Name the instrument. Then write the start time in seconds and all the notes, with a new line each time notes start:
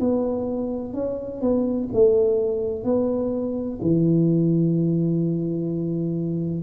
tuba
0.00 B3
0.94 C#4
1.42 B3
1.94 A3
2.84 B3
3.82 E3